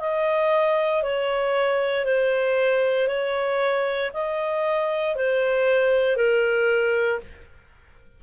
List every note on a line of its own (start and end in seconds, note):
0.00 1.03 D#5
1.03 2.05 C#5
2.05 3.08 C5
3.08 4.11 C#5
4.14 5.16 D#5
5.16 6.17 C5
6.17 7.20 A#4